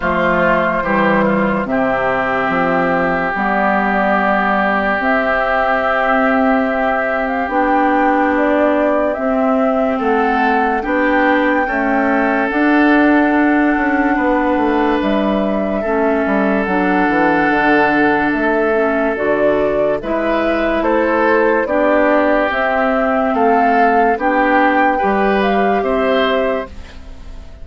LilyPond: <<
  \new Staff \with { instrumentName = "flute" } { \time 4/4 \tempo 4 = 72 c''2 e''2 | d''2 e''2~ | e''8. f''16 g''4 d''4 e''4 | fis''4 g''2 fis''4~ |
fis''2 e''2 | fis''2 e''4 d''4 | e''4 c''4 d''4 e''4 | f''4 g''4. f''8 e''4 | }
  \new Staff \with { instrumentName = "oboe" } { \time 4/4 f'4 g'8 f'8 g'2~ | g'1~ | g'1 | a'4 g'4 a'2~ |
a'4 b'2 a'4~ | a'1 | b'4 a'4 g'2 | a'4 g'4 b'4 c''4 | }
  \new Staff \with { instrumentName = "clarinet" } { \time 4/4 a4 g4 c'2 | b2 c'2~ | c'4 d'2 c'4~ | c'4 d'4 a4 d'4~ |
d'2. cis'4 | d'2~ d'8 cis'8 fis'4 | e'2 d'4 c'4~ | c'4 d'4 g'2 | }
  \new Staff \with { instrumentName = "bassoon" } { \time 4/4 f4 e4 c4 f4 | g2 c'2~ | c'4 b2 c'4 | a4 b4 cis'4 d'4~ |
d'8 cis'8 b8 a8 g4 a8 g8 | fis8 e8 d4 a4 d4 | gis4 a4 b4 c'4 | a4 b4 g4 c'4 | }
>>